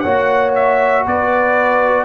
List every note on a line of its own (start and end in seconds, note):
0.00 1.06 A#3
0.00 2.05 F#4
0.00 1.04 C#5
0.00 0.51 F#5
0.55 1.06 E5
1.06 2.05 B3
1.06 2.05 B4
1.06 2.05 D5